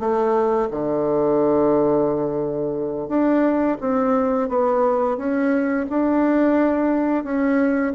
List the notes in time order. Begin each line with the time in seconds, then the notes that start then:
0.00 A3
0.71 D3
3.09 D4
3.81 C4
4.49 B3
5.18 C#4
5.90 D4
7.24 C#4